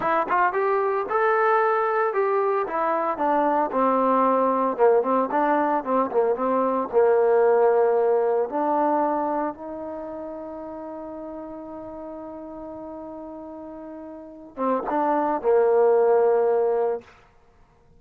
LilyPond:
\new Staff \with { instrumentName = "trombone" } { \time 4/4 \tempo 4 = 113 e'8 f'8 g'4 a'2 | g'4 e'4 d'4 c'4~ | c'4 ais8 c'8 d'4 c'8 ais8 | c'4 ais2. |
d'2 dis'2~ | dis'1~ | dis'2.~ dis'8 c'8 | d'4 ais2. | }